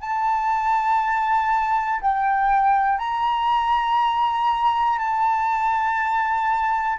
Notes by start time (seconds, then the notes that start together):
0.00 A5
2.01 G5
2.98 A#5
4.98 A5